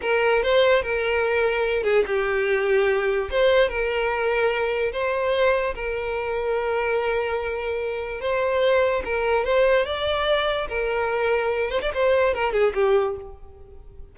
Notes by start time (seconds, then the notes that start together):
0.01 A#4
0.42 C5
0.82 A#4
1.83 G#4
2.06 G4
3.30 C5
3.69 A#4
4.92 C5
5.74 A#4
8.20 C5
9.04 A#4
9.44 C5
9.85 D5
10.68 A#4
11.70 C5
11.81 D5
11.94 C5
12.34 A#4
12.52 G#4
12.74 G4